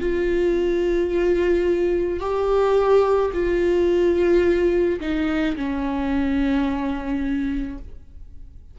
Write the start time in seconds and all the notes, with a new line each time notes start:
0.00 F4
2.20 G4
3.33 F4
5.01 D#4
5.57 C#4